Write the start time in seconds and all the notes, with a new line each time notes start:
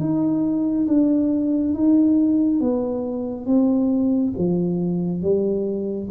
0.00 D#4
0.88 D4
1.74 D#4
2.61 B3
3.46 C4
4.38 F3
5.22 G3